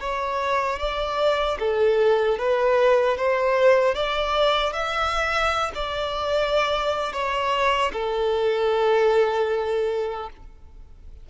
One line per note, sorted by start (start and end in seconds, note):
0.00 0.79 C#5
0.79 1.58 D5
1.59 2.38 A4
2.39 3.17 B4
3.17 3.95 C5
3.95 4.73 D5
4.73 5.71 E5
5.75 7.13 D5
7.13 7.92 C#5
7.93 10.30 A4